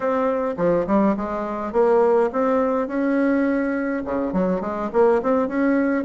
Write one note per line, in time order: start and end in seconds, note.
0.00 0.55 C4
0.57 0.85 F3
0.87 1.15 G3
1.16 1.72 G#3
1.72 2.29 A#3
2.32 2.87 C4
2.87 4.03 C#4
4.04 4.33 C#3
4.33 4.60 F#3
4.60 4.89 G#3
4.92 5.21 A#3
5.22 5.48 C4
5.48 6.04 C#4